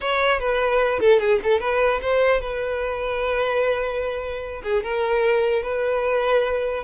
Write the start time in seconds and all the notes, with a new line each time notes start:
0.00 C#5
0.39 B4
0.99 A4
1.19 G#4
1.43 A4
1.60 B4
2.01 C5
2.40 B4
4.63 G#4
4.83 A#4
5.62 B4